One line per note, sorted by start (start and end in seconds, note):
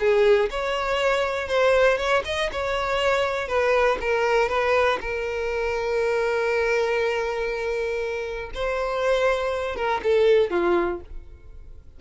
0.00 0.50 G#4
0.51 1.48 C#5
1.48 1.98 C5
1.98 2.23 C#5
2.25 2.50 D#5
2.52 3.48 C#5
3.48 3.98 B4
4.01 4.49 A#4
4.49 4.99 B4
5.01 8.51 A#4
8.55 9.76 C5
9.76 10.01 A#4
10.03 10.51 A4
10.51 11.01 F4